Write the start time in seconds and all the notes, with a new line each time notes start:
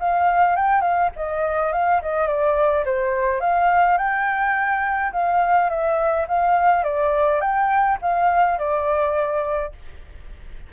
0.00 F5
0.56 G5
0.81 F5
1.16 D#5
1.73 F5
2.02 D#5
2.28 D5
2.85 C5
3.41 F5
3.98 G5
5.13 F5
5.70 E5
6.28 F5
6.84 D5
7.41 G5
8.02 F5
8.58 D5